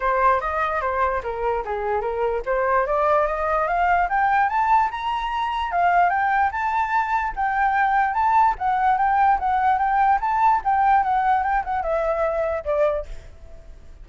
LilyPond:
\new Staff \with { instrumentName = "flute" } { \time 4/4 \tempo 4 = 147 c''4 dis''4 c''4 ais'4 | gis'4 ais'4 c''4 d''4 | dis''4 f''4 g''4 a''4 | ais''2 f''4 g''4 |
a''2 g''2 | a''4 fis''4 g''4 fis''4 | g''4 a''4 g''4 fis''4 | g''8 fis''8 e''2 d''4 | }